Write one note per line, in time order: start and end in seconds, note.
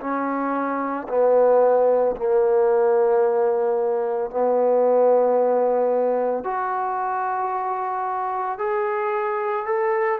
0.00 1.07 C#4
1.09 2.16 B3
2.16 4.30 A#3
4.30 6.44 B3
6.44 8.58 F#4
8.59 9.66 G#4
9.66 10.19 A4